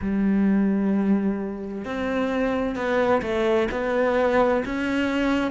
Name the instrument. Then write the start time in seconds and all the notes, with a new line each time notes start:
cello
0.01 G3
1.84 C4
2.75 B3
3.22 A3
3.71 B3
4.64 C#4